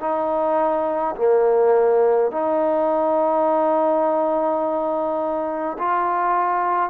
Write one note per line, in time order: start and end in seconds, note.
0.00 1.15 D#4
1.16 2.31 A#3
2.31 5.77 D#4
5.78 6.90 F4